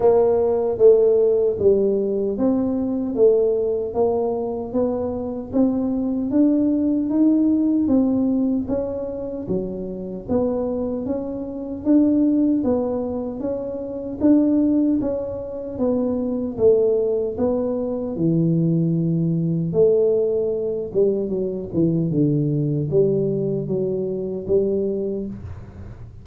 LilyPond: \new Staff \with { instrumentName = "tuba" } { \time 4/4 \tempo 4 = 76 ais4 a4 g4 c'4 | a4 ais4 b4 c'4 | d'4 dis'4 c'4 cis'4 | fis4 b4 cis'4 d'4 |
b4 cis'4 d'4 cis'4 | b4 a4 b4 e4~ | e4 a4. g8 fis8 e8 | d4 g4 fis4 g4 | }